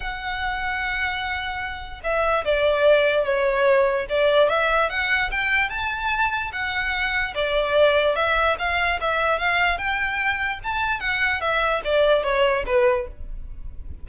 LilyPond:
\new Staff \with { instrumentName = "violin" } { \time 4/4 \tempo 4 = 147 fis''1~ | fis''4 e''4 d''2 | cis''2 d''4 e''4 | fis''4 g''4 a''2 |
fis''2 d''2 | e''4 f''4 e''4 f''4 | g''2 a''4 fis''4 | e''4 d''4 cis''4 b'4 | }